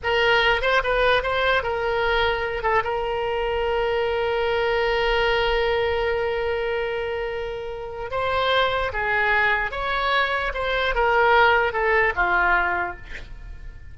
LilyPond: \new Staff \with { instrumentName = "oboe" } { \time 4/4 \tempo 4 = 148 ais'4. c''8 b'4 c''4 | ais'2~ ais'8 a'8 ais'4~ | ais'1~ | ais'1~ |
ais'1 | c''2 gis'2 | cis''2 c''4 ais'4~ | ais'4 a'4 f'2 | }